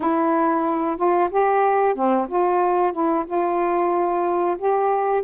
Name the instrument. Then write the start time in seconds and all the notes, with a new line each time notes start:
saxophone
0.00 E4
0.96 F4
1.30 G4
1.94 C4
2.28 F4
2.92 E4
3.26 F4
4.58 G4